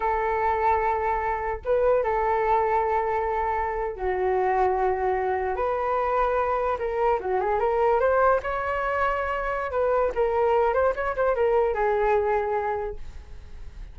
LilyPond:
\new Staff \with { instrumentName = "flute" } { \time 4/4 \tempo 4 = 148 a'1 | b'4 a'2.~ | a'4.~ a'16 fis'2~ fis'16~ | fis'4.~ fis'16 b'2~ b'16~ |
b'8. ais'4 fis'8 gis'8 ais'4 c''16~ | c''8. cis''2.~ cis''16 | b'4 ais'4. c''8 cis''8 c''8 | ais'4 gis'2. | }